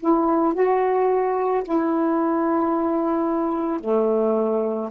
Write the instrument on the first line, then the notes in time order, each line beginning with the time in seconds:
saxophone
0.00 E4
0.55 F#4
1.64 E4
3.81 A3